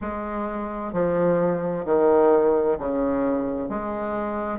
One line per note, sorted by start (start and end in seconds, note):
0.01 0.92 G#3
0.92 1.85 F3
1.85 2.77 D#3
2.79 3.69 C#3
3.69 4.59 G#3